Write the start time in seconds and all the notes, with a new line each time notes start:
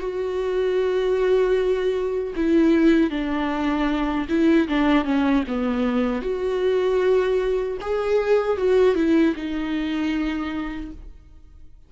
0.00 F#4
2.36 E4
3.10 D4
4.29 E4
4.68 D4
5.05 C#4
5.48 B3
6.22 F#4
7.81 G#4
8.57 F#4
8.95 E4
9.35 D#4